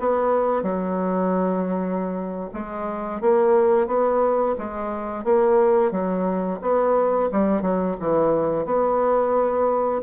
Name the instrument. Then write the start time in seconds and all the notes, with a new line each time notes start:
bassoon
0.00 B3
0.63 F#3
2.54 G#3
3.21 A#3
3.87 B3
4.58 G#3
5.25 A#3
5.92 F#3
6.62 B3
7.32 G3
7.62 F#3
8.00 E3
8.66 B3